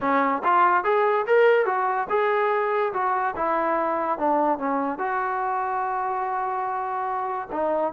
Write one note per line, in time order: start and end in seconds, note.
0.01 0.42 C#4
0.44 0.84 F4
0.84 1.25 G#4
1.27 1.65 A#4
1.65 2.07 F#4
2.09 2.92 G#4
2.93 3.34 F#4
3.36 4.18 E4
4.18 4.58 D4
4.58 4.98 C#4
4.98 7.48 F#4
7.52 7.93 D#4